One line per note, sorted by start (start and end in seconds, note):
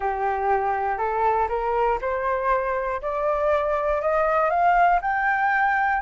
0.00 0.98 G4
0.98 1.48 A4
1.48 1.98 A#4
2.01 3.01 C5
3.01 4.01 D5
4.01 4.50 D#5
4.50 5.00 F5
5.01 6.01 G5